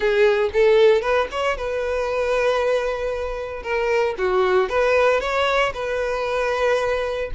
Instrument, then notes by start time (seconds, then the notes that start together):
violin
0.00 G#4
0.53 A4
1.01 B4
1.31 C#5
1.57 B4
3.62 A#4
4.18 F#4
4.69 B4
5.20 C#5
5.74 B4